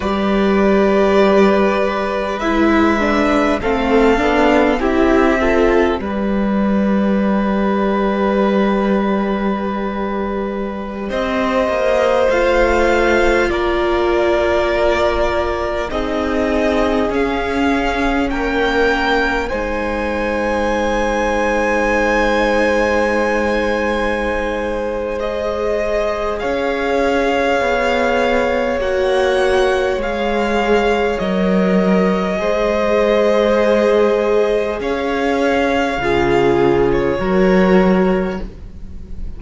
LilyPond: <<
  \new Staff \with { instrumentName = "violin" } { \time 4/4 \tempo 4 = 50 d''2 e''4 f''4 | e''4 d''2.~ | d''4~ d''16 dis''4 f''4 d''8.~ | d''4~ d''16 dis''4 f''4 g''8.~ |
g''16 gis''2.~ gis''8.~ | gis''4 dis''4 f''2 | fis''4 f''4 dis''2~ | dis''4 f''4.~ f''16 cis''4~ cis''16 | }
  \new Staff \with { instrumentName = "violin" } { \time 4/4 b'2. a'4 | g'8 a'8 b'2.~ | b'4~ b'16 c''2 ais'8.~ | ais'4~ ais'16 gis'2 ais'8.~ |
ais'16 c''2.~ c''8.~ | c''2 cis''2~ | cis''2. c''4~ | c''4 cis''4 gis'4 ais'4 | }
  \new Staff \with { instrumentName = "viola" } { \time 4/4 g'2 e'8 d'8 c'8 d'8 | e'8 f'8 g'2.~ | g'2~ g'16 f'4.~ f'16~ | f'4~ f'16 dis'4 cis'4.~ cis'16~ |
cis'16 dis'2.~ dis'8.~ | dis'4 gis'2. | fis'4 gis'4 ais'4 gis'4~ | gis'2 f'4 fis'4 | }
  \new Staff \with { instrumentName = "cello" } { \time 4/4 g2 gis4 a8 b8 | c'4 g2.~ | g4~ g16 c'8 ais8 a4 ais8.~ | ais4~ ais16 c'4 cis'4 ais8.~ |
ais16 gis2.~ gis8.~ | gis2 cis'4 b4 | ais4 gis4 fis4 gis4~ | gis4 cis'4 cis4 fis4 | }
>>